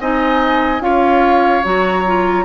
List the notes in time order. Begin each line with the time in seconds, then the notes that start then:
0.00 C4 D#4 D#5 G#5
0.80 C#4 F4 C#5 F5
1.63 F#3 F#4 A#5
2.06 F4